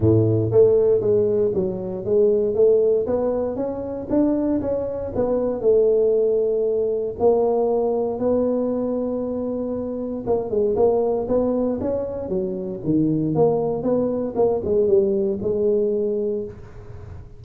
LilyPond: \new Staff \with { instrumentName = "tuba" } { \time 4/4 \tempo 4 = 117 a,4 a4 gis4 fis4 | gis4 a4 b4 cis'4 | d'4 cis'4 b4 a4~ | a2 ais2 |
b1 | ais8 gis8 ais4 b4 cis'4 | fis4 dis4 ais4 b4 | ais8 gis8 g4 gis2 | }